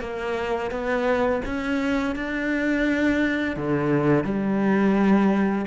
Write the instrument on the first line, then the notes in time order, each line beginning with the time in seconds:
cello
0.00 A#3
0.71 B3
1.45 C#4
2.16 D4
3.56 D3
4.24 G3